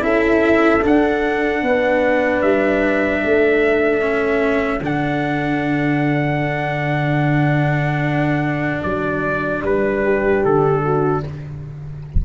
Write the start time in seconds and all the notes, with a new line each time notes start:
0.00 C#4 E4 A4 E5
0.82 D4 F#5
1.62 B3 B4
2.42 G3 E5
3.24 A3 A4
4.01 C#4
4.81 D3 D4 F#5
8.83 F#3 D5
9.62 G3 B4
10.03 G4
10.45 D3 A4
10.85 F#4